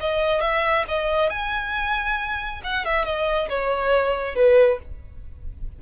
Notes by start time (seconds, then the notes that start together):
0.00 D#5
0.41 E5
0.88 D#5
1.30 G#5
2.63 F#5
2.85 E5
3.05 D#5
3.49 C#5
4.35 B4